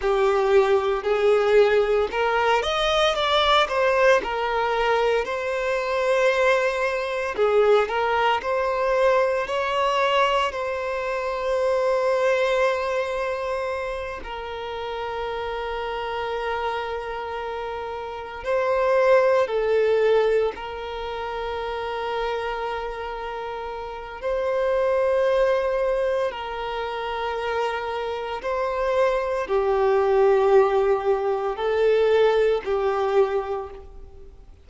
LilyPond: \new Staff \with { instrumentName = "violin" } { \time 4/4 \tempo 4 = 57 g'4 gis'4 ais'8 dis''8 d''8 c''8 | ais'4 c''2 gis'8 ais'8 | c''4 cis''4 c''2~ | c''4. ais'2~ ais'8~ |
ais'4. c''4 a'4 ais'8~ | ais'2. c''4~ | c''4 ais'2 c''4 | g'2 a'4 g'4 | }